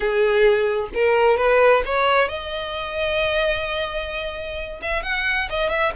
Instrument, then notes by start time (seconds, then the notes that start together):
violin
0.00 G#4
0.94 A#4
1.37 B4
1.85 C#5
2.28 D#5
4.82 E5
5.03 F#5
5.49 D#5
5.69 E5